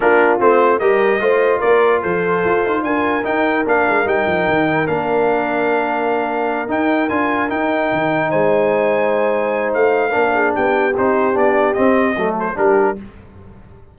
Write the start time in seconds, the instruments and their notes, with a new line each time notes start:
0.00 tuba A#3, trombone D4, horn F4, trumpet A#4
0.39 tuba A3, trombone C4, trumpet C5
0.79 tuba G3, trombone G4, horn A#4, trumpet D#5
1.20 tuba A3, trombone F4, horn C5
1.59 tuba A#3, horn A#4, trumpet D5
2.02 tuba F3, horn A4, trumpet C5
2.44 tuba F4
2.65 tuba D#4
2.82 tuba D4, horn A#4, trumpet G#5
3.24 trombone D#4, tuba D#4, trumpet G5
3.65 tuba A#3, trombone D4, trumpet F5
3.87 tuba G#3
4.05 tuba G3, trombone D#4, trumpet G5
4.26 tuba F3
4.47 tuba D#3
4.87 tuba A#3, trombone D4, trumpet F5
6.67 trombone D#4, tuba D#4, trumpet G5
7.09 tuba D4, trombone F4, trumpet G#5
7.49 trombone D#4, tuba D#4, trumpet G5
7.92 tuba D#3
8.29 tuba G#3, horn C5, trumpet G#5
9.73 tuba A3, trumpet F5
10.09 tuba A#3, trombone D4, horn A#4
10.34 horn G#4
10.54 tuba B3, horn G4, trumpet G5
10.97 tuba C4, trombone D#4, trumpet C5
11.33 tuba B3, trombone D4, trumpet D5
11.73 trombone C4, tuba C4, trumpet D#5
12.16 tuba F#3, trombone A3, horn A4
12.39 trumpet C5
12.55 tuba G3, trombone D4, horn G4, trumpet A#4